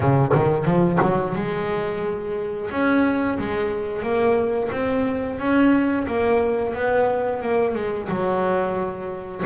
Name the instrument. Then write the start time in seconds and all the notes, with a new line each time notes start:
double bass
0.00 C#3
0.34 D#3
0.65 F3
1.01 F#3
1.35 G#3
2.70 C#4
3.38 G#3
4.02 A#3
4.71 C4
5.39 C#4
6.07 A#3
6.74 B3
7.42 A#3
7.74 G#3
8.09 F#3